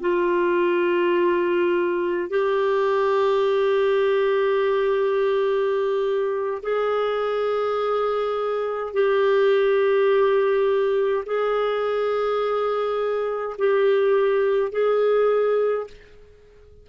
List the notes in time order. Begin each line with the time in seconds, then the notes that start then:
0.00 F4
2.29 G4
6.62 G#4
8.93 G4
11.26 G#4
13.58 G4
14.72 G#4